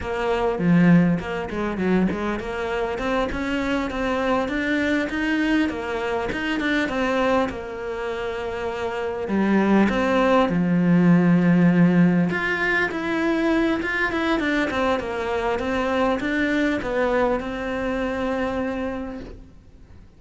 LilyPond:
\new Staff \with { instrumentName = "cello" } { \time 4/4 \tempo 4 = 100 ais4 f4 ais8 gis8 fis8 gis8 | ais4 c'8 cis'4 c'4 d'8~ | d'8 dis'4 ais4 dis'8 d'8 c'8~ | c'8 ais2. g8~ |
g8 c'4 f2~ f8~ | f8 f'4 e'4. f'8 e'8 | d'8 c'8 ais4 c'4 d'4 | b4 c'2. | }